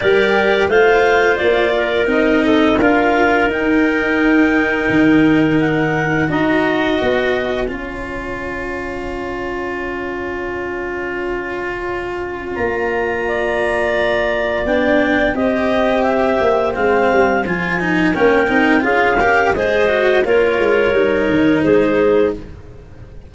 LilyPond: <<
  \new Staff \with { instrumentName = "clarinet" } { \time 4/4 \tempo 4 = 86 d''4 f''4 d''4 dis''4 | f''4 g''2. | fis''4 ais''4 gis''2~ | gis''1~ |
gis''2 ais''2~ | ais''4 g''4 dis''4 e''4 | f''4 gis''4 g''4 f''4 | dis''4 cis''2 c''4 | }
  \new Staff \with { instrumentName = "clarinet" } { \time 4/4 ais'4 c''4. ais'4 a'8 | ais'1~ | ais'4 dis''2 cis''4~ | cis''1~ |
cis''2. d''4~ | d''2 c''2~ | c''2 ais'4 gis'8 ais'8 | c''4 ais'2 gis'4 | }
  \new Staff \with { instrumentName = "cello" } { \time 4/4 g'4 f'2 dis'4 | f'4 dis'2.~ | dis'4 fis'2 f'4~ | f'1~ |
f'1~ | f'4 d'4 g'2 | c'4 f'8 dis'8 cis'8 dis'8 f'8 g'8 | gis'8 fis'8 f'4 dis'2 | }
  \new Staff \with { instrumentName = "tuba" } { \time 4/4 g4 a4 ais4 c'4 | d'4 dis'2 dis4~ | dis4 dis'4 b4 cis'4~ | cis'1~ |
cis'2 ais2~ | ais4 b4 c'4. ais8 | gis8 g8 f4 ais8 c'8 cis'4 | gis4 ais8 gis8 g8 dis8 gis4 | }
>>